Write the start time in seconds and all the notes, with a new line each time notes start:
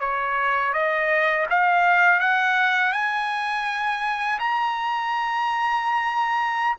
0.00 C#5
0.73 D#5
1.50 F5
2.20 F#5
2.92 G#5
4.39 A#5